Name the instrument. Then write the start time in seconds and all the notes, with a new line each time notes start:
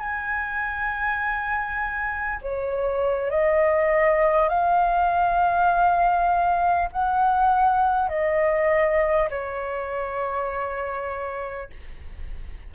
flute
0.00 G#5
2.42 C#5
3.31 D#5
4.49 F5
6.92 F#5
8.09 D#5
9.31 C#5